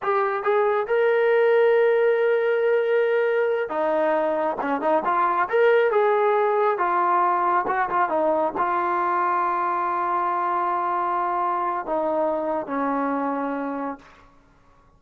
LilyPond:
\new Staff \with { instrumentName = "trombone" } { \time 4/4 \tempo 4 = 137 g'4 gis'4 ais'2~ | ais'1~ | ais'8 dis'2 cis'8 dis'8 f'8~ | f'8 ais'4 gis'2 f'8~ |
f'4. fis'8 f'8 dis'4 f'8~ | f'1~ | f'2. dis'4~ | dis'4 cis'2. | }